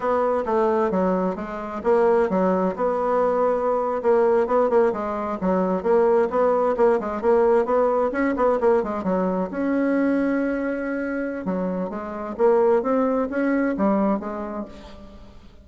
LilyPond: \new Staff \with { instrumentName = "bassoon" } { \time 4/4 \tempo 4 = 131 b4 a4 fis4 gis4 | ais4 fis4 b2~ | b8. ais4 b8 ais8 gis4 fis16~ | fis8. ais4 b4 ais8 gis8 ais16~ |
ais8. b4 cis'8 b8 ais8 gis8 fis16~ | fis8. cis'2.~ cis'16~ | cis'4 fis4 gis4 ais4 | c'4 cis'4 g4 gis4 | }